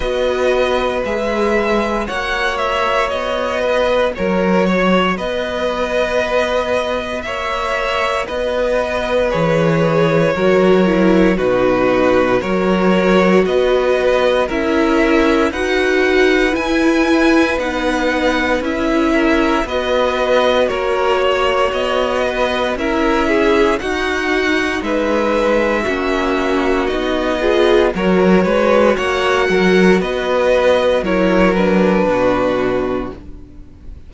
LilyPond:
<<
  \new Staff \with { instrumentName = "violin" } { \time 4/4 \tempo 4 = 58 dis''4 e''4 fis''8 e''8 dis''4 | cis''4 dis''2 e''4 | dis''4 cis''2 b'4 | cis''4 dis''4 e''4 fis''4 |
gis''4 fis''4 e''4 dis''4 | cis''4 dis''4 e''4 fis''4 | e''2 dis''4 cis''4 | fis''4 dis''4 cis''8 b'4. | }
  \new Staff \with { instrumentName = "violin" } { \time 4/4 b'2 cis''4. b'8 | ais'8 cis''8 b'2 cis''4 | b'2 ais'4 fis'4 | ais'4 b'4 ais'4 b'4~ |
b'2~ b'8 ais'8 b'4 | ais'8 cis''4 b'8 ais'8 gis'8 fis'4 | b'4 fis'4. gis'8 ais'8 b'8 | cis''8 ais'8 b'4 ais'4 fis'4 | }
  \new Staff \with { instrumentName = "viola" } { \time 4/4 fis'4 gis'4 fis'2~ | fis'1~ | fis'4 gis'4 fis'8 e'8 dis'4 | fis'2 e'4 fis'4 |
e'4 dis'4 e'4 fis'4~ | fis'2 e'4 dis'4~ | dis'4 cis'4 dis'8 f'8 fis'4~ | fis'2 e'8 d'4. | }
  \new Staff \with { instrumentName = "cello" } { \time 4/4 b4 gis4 ais4 b4 | fis4 b2 ais4 | b4 e4 fis4 b,4 | fis4 b4 cis'4 dis'4 |
e'4 b4 cis'4 b4 | ais4 b4 cis'4 dis'4 | gis4 ais4 b4 fis8 gis8 | ais8 fis8 b4 fis4 b,4 | }
>>